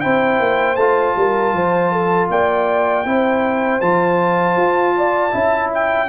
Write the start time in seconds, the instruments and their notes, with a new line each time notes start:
0.00 tuba C4, trombone E4, horn C5, trumpet G5
0.39 tuba A#3
0.75 tuba A3, trombone F4, trumpet A5
1.16 tuba G3, horn A#4
1.52 tuba F3, horn C5
1.92 horn A4
2.29 tuba A#3, horn D5, trumpet G5
3.05 tuba C4, trombone E4, horn C5
3.80 tuba F3, trombone F4, trumpet A5
4.56 tuba F4
4.96 horn D5
5.30 tuba C#4, trombone E4, horn E5
5.74 trumpet G5